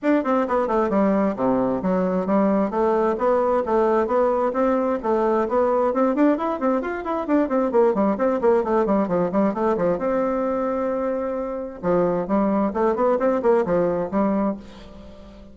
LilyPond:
\new Staff \with { instrumentName = "bassoon" } { \time 4/4 \tempo 4 = 132 d'8 c'8 b8 a8 g4 c4 | fis4 g4 a4 b4 | a4 b4 c'4 a4 | b4 c'8 d'8 e'8 c'8 f'8 e'8 |
d'8 c'8 ais8 g8 c'8 ais8 a8 g8 | f8 g8 a8 f8 c'2~ | c'2 f4 g4 | a8 b8 c'8 ais8 f4 g4 | }